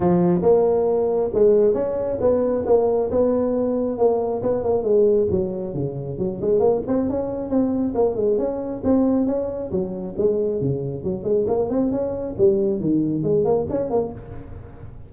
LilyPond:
\new Staff \with { instrumentName = "tuba" } { \time 4/4 \tempo 4 = 136 f4 ais2 gis4 | cis'4 b4 ais4 b4~ | b4 ais4 b8 ais8 gis4 | fis4 cis4 fis8 gis8 ais8 c'8 |
cis'4 c'4 ais8 gis8 cis'4 | c'4 cis'4 fis4 gis4 | cis4 fis8 gis8 ais8 c'8 cis'4 | g4 dis4 gis8 ais8 cis'8 ais8 | }